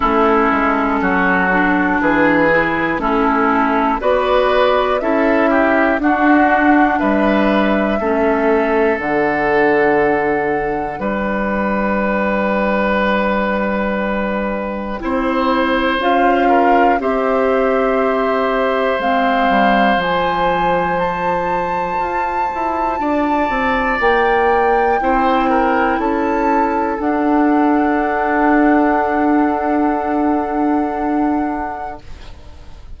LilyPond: <<
  \new Staff \with { instrumentName = "flute" } { \time 4/4 \tempo 4 = 60 a'2 b'4 a'4 | d''4 e''4 fis''4 e''4~ | e''4 fis''2 g''4~ | g''1 |
f''4 e''2 f''4 | gis''4 a''2. | g''2 a''4 fis''4~ | fis''1 | }
  \new Staff \with { instrumentName = "oboe" } { \time 4/4 e'4 fis'4 gis'4 e'4 | b'4 a'8 g'8 fis'4 b'4 | a'2. b'4~ | b'2. c''4~ |
c''8 ais'8 c''2.~ | c''2. d''4~ | d''4 c''8 ais'8 a'2~ | a'1 | }
  \new Staff \with { instrumentName = "clarinet" } { \time 4/4 cis'4. d'4 e'8 cis'4 | fis'4 e'4 d'2 | cis'4 d'2.~ | d'2. e'4 |
f'4 g'2 c'4 | f'1~ | f'4 e'2 d'4~ | d'1 | }
  \new Staff \with { instrumentName = "bassoon" } { \time 4/4 a8 gis8 fis4 e4 a4 | b4 cis'4 d'4 g4 | a4 d2 g4~ | g2. c'4 |
cis'4 c'2 gis8 g8 | f2 f'8 e'8 d'8 c'8 | ais4 c'4 cis'4 d'4~ | d'1 | }
>>